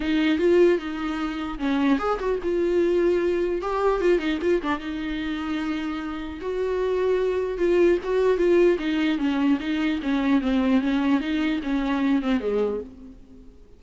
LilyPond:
\new Staff \with { instrumentName = "viola" } { \time 4/4 \tempo 4 = 150 dis'4 f'4 dis'2 | cis'4 gis'8 fis'8 f'2~ | f'4 g'4 f'8 dis'8 f'8 d'8 | dis'1 |
fis'2. f'4 | fis'4 f'4 dis'4 cis'4 | dis'4 cis'4 c'4 cis'4 | dis'4 cis'4. c'8 gis4 | }